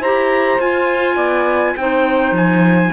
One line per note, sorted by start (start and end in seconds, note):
0.00 0.58 E4
0.00 0.60 G4
0.00 1.15 C5
0.00 0.61 A#5
0.60 1.17 F4
0.60 1.77 F4
0.60 1.77 G#5
1.15 1.75 B3
1.15 1.74 D5
1.77 2.32 C4
1.77 2.93 D#4
1.77 2.93 C5
1.77 2.35 G5
2.32 2.90 F3
2.32 2.93 G#5